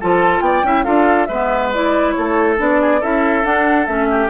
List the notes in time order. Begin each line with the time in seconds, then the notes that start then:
0.00 F3 F4 A4 A5
0.40 B3 D5 G5
0.64 C#4 E4 E5
0.84 D4 F4 A4 F5
1.26 G#3 B3 B4 E5
1.73 E4 D5
2.12 A4 C#5
2.18 A3
2.57 B3 D4 D5
2.81 G#4
3.00 C#4 E4 A4 E5
3.43 D4 F#5
3.86 A3 C#4 E5
4.10 G4